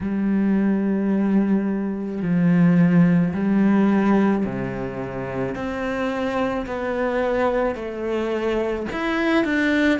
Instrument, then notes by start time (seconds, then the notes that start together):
cello
0.01 G3
2.22 F3
3.33 G3
4.45 C3
5.55 C4
6.66 B3
7.75 A3
8.91 E4
9.44 D4